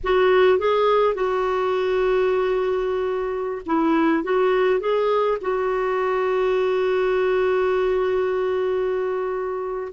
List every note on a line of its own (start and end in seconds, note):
0.03 0.58 F#4
0.58 1.14 G#4
1.14 3.62 F#4
3.65 4.23 E4
4.23 4.80 F#4
4.80 5.38 G#4
5.41 9.92 F#4